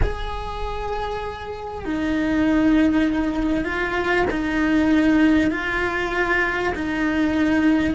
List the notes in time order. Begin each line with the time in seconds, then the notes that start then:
0.02 G#4
1.85 D#4
3.64 F4
4.30 D#4
5.50 F4
6.74 D#4